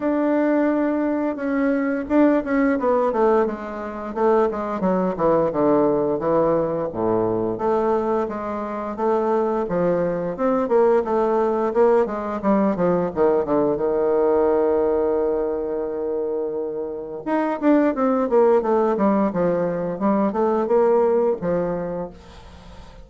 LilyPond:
\new Staff \with { instrumentName = "bassoon" } { \time 4/4 \tempo 4 = 87 d'2 cis'4 d'8 cis'8 | b8 a8 gis4 a8 gis8 fis8 e8 | d4 e4 a,4 a4 | gis4 a4 f4 c'8 ais8 |
a4 ais8 gis8 g8 f8 dis8 d8 | dis1~ | dis4 dis'8 d'8 c'8 ais8 a8 g8 | f4 g8 a8 ais4 f4 | }